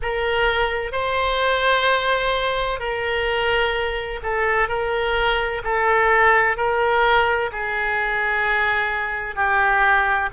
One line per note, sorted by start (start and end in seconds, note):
0.02 0.92 A#4
0.92 2.79 C5
2.79 4.20 A#4
4.22 4.68 A4
4.68 5.62 A#4
5.63 6.56 A4
6.56 7.50 A#4
7.52 9.35 G#4
9.35 10.29 G4